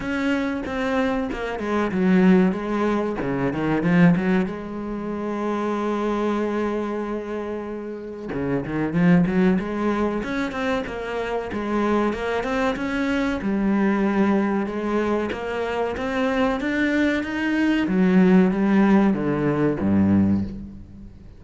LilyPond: \new Staff \with { instrumentName = "cello" } { \time 4/4 \tempo 4 = 94 cis'4 c'4 ais8 gis8 fis4 | gis4 cis8 dis8 f8 fis8 gis4~ | gis1~ | gis4 cis8 dis8 f8 fis8 gis4 |
cis'8 c'8 ais4 gis4 ais8 c'8 | cis'4 g2 gis4 | ais4 c'4 d'4 dis'4 | fis4 g4 d4 g,4 | }